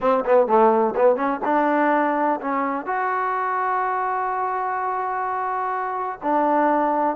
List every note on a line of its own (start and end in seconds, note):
0.00 0.24 C4
0.25 0.47 B3
0.47 0.94 A3
0.95 1.16 B3
1.16 1.40 C#4
1.44 2.40 D4
2.40 2.85 C#4
2.85 6.19 F#4
6.23 7.16 D4